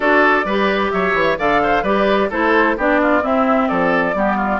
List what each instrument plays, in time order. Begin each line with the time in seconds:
0.00 bassoon D4, clarinet F#4, oboe A4, flute D5
0.44 bassoon G3, clarinet G4, oboe B4
0.90 bassoon F#3, oboe C#5, flute E5
1.14 bassoon E3
1.38 bassoon D3, clarinet A4, oboe D5, flute F5
1.62 oboe C5
1.82 bassoon G3, clarinet G4, oboe B4, flute D5
2.29 bassoon A3, clarinet E4, oboe A4, flute C5
2.77 bassoon B3, clarinet D4, oboe G4, flute D5
3.02 oboe F4
3.22 clarinet C4, bassoon C4, oboe E4, flute E5
3.67 bassoon F3, oboe A4, flute D5
4.14 bassoon G3, clarinet B3, oboe G4
4.36 oboe F4